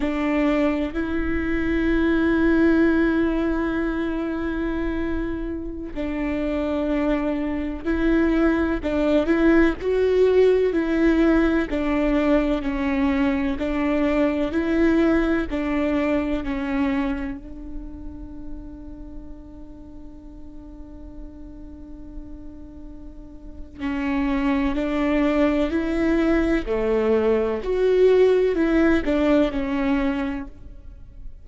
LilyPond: \new Staff \with { instrumentName = "viola" } { \time 4/4 \tempo 4 = 63 d'4 e'2.~ | e'2~ e'16 d'4.~ d'16~ | d'16 e'4 d'8 e'8 fis'4 e'8.~ | e'16 d'4 cis'4 d'4 e'8.~ |
e'16 d'4 cis'4 d'4.~ d'16~ | d'1~ | d'4 cis'4 d'4 e'4 | a4 fis'4 e'8 d'8 cis'4 | }